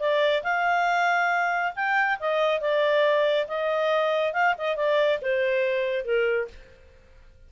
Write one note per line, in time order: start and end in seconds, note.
0.00 0.43 D5
0.43 1.73 F5
1.76 2.19 G5
2.20 2.61 D#5
2.61 3.47 D5
3.48 4.33 D#5
4.33 4.55 F5
4.58 4.76 D#5
4.76 5.19 D5
5.22 6.05 C5
6.05 6.48 A#4